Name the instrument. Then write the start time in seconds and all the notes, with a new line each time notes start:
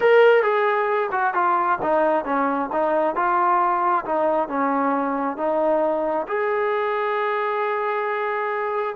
trombone
0.00 A#4
0.43 G#4
1.11 F#4
1.34 F4
1.81 D#4
2.24 C#4
2.72 D#4
3.15 F4
4.05 D#4
4.48 C#4
5.37 D#4
6.27 G#4